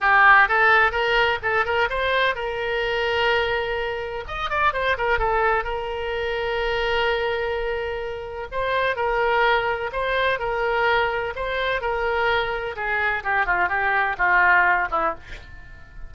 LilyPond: \new Staff \with { instrumentName = "oboe" } { \time 4/4 \tempo 4 = 127 g'4 a'4 ais'4 a'8 ais'8 | c''4 ais'2.~ | ais'4 dis''8 d''8 c''8 ais'8 a'4 | ais'1~ |
ais'2 c''4 ais'4~ | ais'4 c''4 ais'2 | c''4 ais'2 gis'4 | g'8 f'8 g'4 f'4. e'8 | }